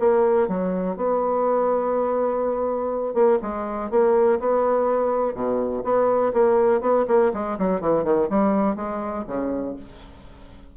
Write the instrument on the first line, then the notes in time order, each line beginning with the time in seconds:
bassoon
0.00 A#3
0.48 F#3
0.97 B3
3.14 A#3
3.42 G#3
3.91 A#3
4.40 B3
5.34 B2
5.84 B3
6.33 A#3
6.81 B3
7.08 A#3
7.34 G#3
7.59 F#3
7.81 E3
8.04 D#3
8.30 G3
8.76 G#3
9.27 C#3